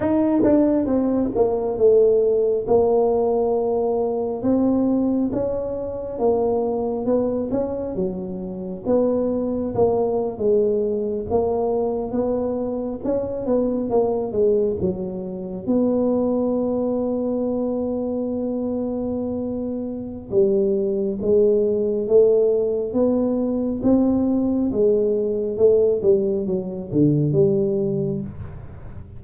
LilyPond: \new Staff \with { instrumentName = "tuba" } { \time 4/4 \tempo 4 = 68 dis'8 d'8 c'8 ais8 a4 ais4~ | ais4 c'4 cis'4 ais4 | b8 cis'8 fis4 b4 ais8. gis16~ | gis8. ais4 b4 cis'8 b8 ais16~ |
ais16 gis8 fis4 b2~ b16~ | b2. g4 | gis4 a4 b4 c'4 | gis4 a8 g8 fis8 d8 g4 | }